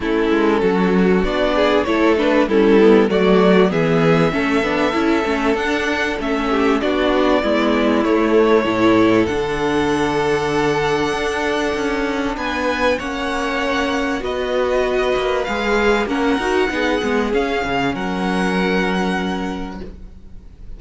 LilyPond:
<<
  \new Staff \with { instrumentName = "violin" } { \time 4/4 \tempo 4 = 97 a'2 d''4 cis''8 b'8 | a'4 d''4 e''2~ | e''4 fis''4 e''4 d''4~ | d''4 cis''2 fis''4~ |
fis''1 | gis''4 fis''2 dis''4~ | dis''4 f''4 fis''2 | f''4 fis''2. | }
  \new Staff \with { instrumentName = "violin" } { \time 4/4 e'4 fis'4. gis'8 a'4 | e'4 fis'4 gis'4 a'4~ | a'2~ a'8 g'8 fis'4 | e'2 a'2~ |
a'1 | b'4 cis''2 b'4~ | b'2 ais'4 gis'4~ | gis'4 ais'2. | }
  \new Staff \with { instrumentName = "viola" } { \time 4/4 cis'2 d'4 e'8 d'8 | cis'8 b8 a4 b4 cis'8 d'8 | e'8 cis'8 d'4 cis'4 d'4 | b4 a4 e'4 d'4~ |
d'1~ | d'4 cis'2 fis'4~ | fis'4 gis'4 cis'8 fis'8 dis'8 b8 | cis'1 | }
  \new Staff \with { instrumentName = "cello" } { \time 4/4 a8 gis8 fis4 b4 a4 | g4 fis4 e4 a8 b8 | cis'8 a8 d'4 a4 b4 | gis4 a4 a,4 d4~ |
d2 d'4 cis'4 | b4 ais2 b4~ | b8 ais8 gis4 ais8 dis'8 b8 gis8 | cis'8 cis8 fis2. | }
>>